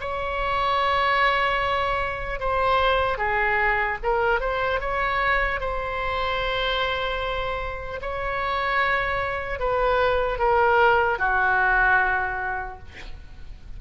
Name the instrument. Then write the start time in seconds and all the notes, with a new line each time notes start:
oboe
0.00 C#5
2.40 C5
3.17 G#4
4.03 A#4
4.40 C5
4.80 C#5
5.60 C5
8.01 C#5
9.59 B4
10.39 A#4
11.19 F#4